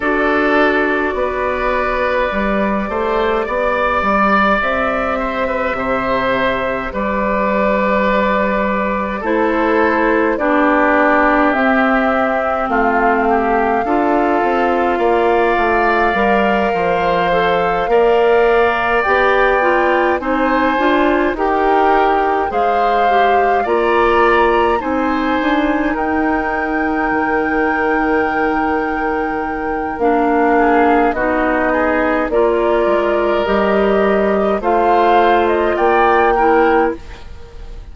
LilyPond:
<<
  \new Staff \with { instrumentName = "flute" } { \time 4/4 \tempo 4 = 52 d''1 | e''2 d''2 | c''4 d''4 e''4 f''4~ | f''1~ |
f''8 g''4 gis''4 g''4 f''8~ | f''8 ais''4 gis''4 g''4.~ | g''2 f''4 dis''4 | d''4 dis''4 f''8. dis''16 g''4 | }
  \new Staff \with { instrumentName = "oboe" } { \time 4/4 a'4 b'4. c''8 d''4~ | d''8 c''16 b'16 c''4 b'2 | a'4 g'2 f'8 g'8 | a'4 d''4. c''4 d''8~ |
d''4. c''4 ais'4 c''8~ | c''8 d''4 c''4 ais'4.~ | ais'2~ ais'8 gis'8 fis'8 gis'8 | ais'2 c''4 d''8 ais'8 | }
  \new Staff \with { instrumentName = "clarinet" } { \time 4/4 fis'2 g'2~ | g'1 | e'4 d'4 c'2 | f'2 ais'4 a'8 ais'8~ |
ais'8 g'8 f'8 dis'8 f'8 g'4 gis'8 | g'8 f'4 dis'2~ dis'8~ | dis'2 d'4 dis'4 | f'4 g'4 f'4. e'8 | }
  \new Staff \with { instrumentName = "bassoon" } { \time 4/4 d'4 b4 g8 a8 b8 g8 | c'4 c4 g2 | a4 b4 c'4 a4 | d'8 c'8 ais8 a8 g8 f4 ais8~ |
ais8 b4 c'8 d'8 dis'4 gis8~ | gis8 ais4 c'8 d'8 dis'4 dis8~ | dis2 ais4 b4 | ais8 gis8 g4 a4 ais4 | }
>>